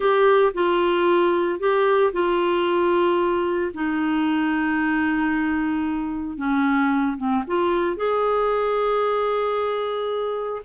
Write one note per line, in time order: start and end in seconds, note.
0.00 0.52 G4
0.54 1.59 F4
1.59 2.12 G4
2.12 3.72 F4
3.73 6.37 D#4
6.37 7.16 C#4
7.17 7.43 C4
7.47 7.96 F4
7.96 10.61 G#4